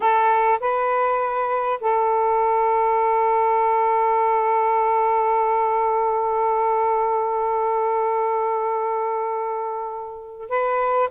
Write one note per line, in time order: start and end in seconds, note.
0.00 0.59 A4
0.59 1.79 B4
1.80 10.49 A4
10.49 11.09 B4